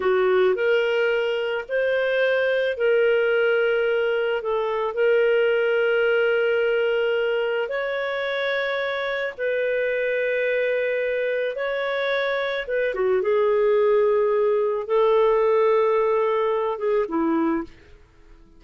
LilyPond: \new Staff \with { instrumentName = "clarinet" } { \time 4/4 \tempo 4 = 109 fis'4 ais'2 c''4~ | c''4 ais'2. | a'4 ais'2.~ | ais'2 cis''2~ |
cis''4 b'2.~ | b'4 cis''2 b'8 fis'8 | gis'2. a'4~ | a'2~ a'8 gis'8 e'4 | }